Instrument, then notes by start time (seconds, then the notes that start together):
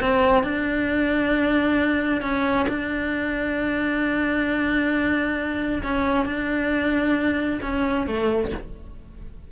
cello
0.00 C4
0.43 D4
2.21 C#4
2.68 D4
5.83 C#4
6.25 D4
7.62 C#4
8.06 A3